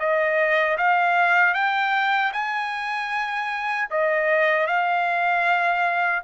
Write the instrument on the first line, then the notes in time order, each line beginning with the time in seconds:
trumpet
0.00 D#5
0.78 F5
1.55 G5
2.33 G#5
3.91 D#5
4.67 F5